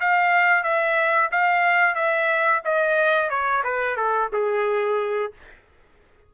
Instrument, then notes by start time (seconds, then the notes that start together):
trumpet
0.00 F5
0.63 E5
1.32 F5
1.95 E5
2.65 D#5
3.30 C#5
3.64 B4
3.96 A4
4.32 G#4